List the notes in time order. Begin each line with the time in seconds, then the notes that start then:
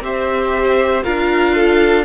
0.00 C4 G4 C5 E5
1.03 D4 F4 A#4 F5
1.54 A4